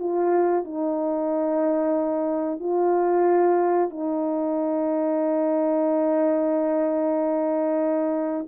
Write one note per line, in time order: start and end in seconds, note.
0.00 0.65 F4
0.65 2.60 D#4
2.60 3.90 F4
3.90 8.47 D#4